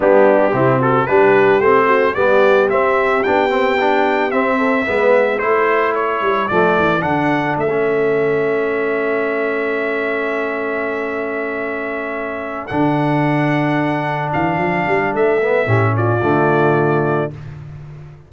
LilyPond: <<
  \new Staff \with { instrumentName = "trumpet" } { \time 4/4 \tempo 4 = 111 g'4. a'8 b'4 c''4 | d''4 e''4 g''2 | e''2 c''4 cis''4 | d''4 fis''4 e''2~ |
e''1~ | e''2.~ e''8 fis''8~ | fis''2~ fis''8 f''4. | e''4. d''2~ d''8 | }
  \new Staff \with { instrumentName = "horn" } { \time 4/4 d'4 e'8 fis'8 g'4. fis'8 | g'1~ | g'8 a'8 b'4 a'2~ | a'1~ |
a'1~ | a'1~ | a'1~ | a'4 g'8 f'2~ f'8 | }
  \new Staff \with { instrumentName = "trombone" } { \time 4/4 b4 c'4 d'4 c'4 | b4 c'4 d'8 c'8 d'4 | c'4 b4 e'2 | a4 d'4~ d'16 cis'4.~ cis'16~ |
cis'1~ | cis'2.~ cis'8 d'8~ | d'1~ | d'8 b8 cis'4 a2 | }
  \new Staff \with { instrumentName = "tuba" } { \time 4/4 g4 c4 g4 a4 | g4 c'4 b2 | c'4 gis4 a4. g8 | f8 e8 d4 a2~ |
a1~ | a2.~ a8 d8~ | d2~ d8 e8 f8 g8 | a4 a,4 d2 | }
>>